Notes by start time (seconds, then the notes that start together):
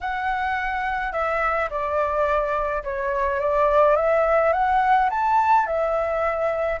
0.01 F#5
1.12 E5
1.70 D5
2.83 C#5
3.40 D5
3.96 E5
4.53 F#5
5.09 A5
5.66 E5